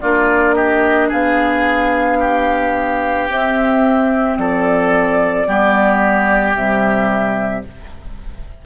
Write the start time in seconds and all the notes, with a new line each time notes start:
0.00 A#3 D4 F4 D5
0.54 G4 D#5
1.08 B3 G#4 F5
2.20 G4
3.28 C4 E5
4.37 F3 A4 D5
5.45 G3 B3 G4
6.54 C3 G3 E5